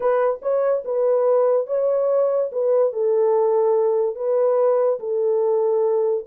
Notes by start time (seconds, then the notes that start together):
0.00 B4
0.42 C#5
0.84 B4
1.67 C#5
2.52 B4
2.92 A4
4.15 B4
4.99 A4